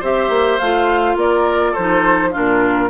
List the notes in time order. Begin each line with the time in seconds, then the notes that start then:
0.00 C4 G4 C5 E5
0.29 A#3
0.59 A3 F4 F5
1.16 A#3 A#4 D5
1.72 F3 D#4 A4 C5
2.31 A#2 D4 F4 A#4